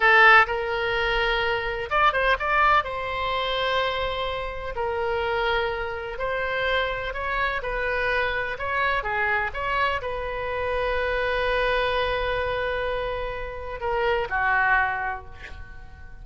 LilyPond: \new Staff \with { instrumentName = "oboe" } { \time 4/4 \tempo 4 = 126 a'4 ais'2. | d''8 c''8 d''4 c''2~ | c''2 ais'2~ | ais'4 c''2 cis''4 |
b'2 cis''4 gis'4 | cis''4 b'2.~ | b'1~ | b'4 ais'4 fis'2 | }